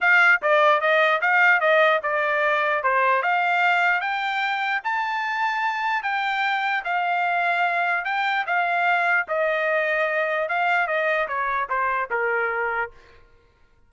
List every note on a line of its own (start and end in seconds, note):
0.00 0.41 F5
0.42 0.80 D5
0.80 1.20 D#5
1.21 1.60 F5
1.60 2.00 D#5
2.02 2.83 D5
2.83 3.22 C5
3.22 4.00 F5
4.00 4.81 G5
4.84 6.03 A5
6.03 6.83 G5
6.84 8.04 F5
8.04 8.45 G5
8.46 9.27 F5
9.28 10.48 D#5
10.48 10.87 F5
10.87 11.27 D#5
11.28 11.68 C#5
11.69 12.09 C5
12.10 12.90 A#4